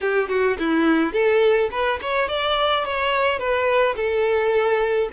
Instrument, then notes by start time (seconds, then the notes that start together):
violin
0.01 G4
0.29 F#4
0.59 E4
1.12 A4
1.71 B4
2.01 C#5
2.28 D5
2.85 C#5
3.38 B4
3.95 A4